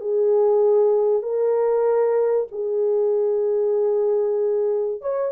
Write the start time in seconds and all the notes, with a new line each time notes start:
0.00 G#4
1.22 A#4
2.51 G#4
5.01 C#5